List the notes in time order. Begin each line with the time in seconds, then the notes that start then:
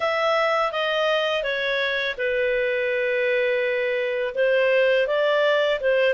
0.00 E5
0.72 D#5
1.43 C#5
2.17 B4
4.34 C5
5.07 D5
5.80 C5